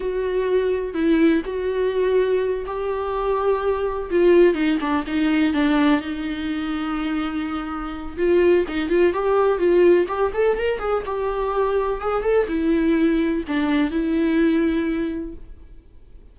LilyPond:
\new Staff \with { instrumentName = "viola" } { \time 4/4 \tempo 4 = 125 fis'2 e'4 fis'4~ | fis'4. g'2~ g'8~ | g'8 f'4 dis'8 d'8 dis'4 d'8~ | d'8 dis'2.~ dis'8~ |
dis'4 f'4 dis'8 f'8 g'4 | f'4 g'8 a'8 ais'8 gis'8 g'4~ | g'4 gis'8 a'8 e'2 | d'4 e'2. | }